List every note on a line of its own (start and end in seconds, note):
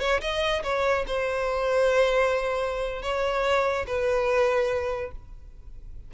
0.00 0.21 C#5
0.21 0.63 D#5
0.64 1.05 C#5
1.07 3.03 C5
3.03 3.86 C#5
3.87 5.12 B4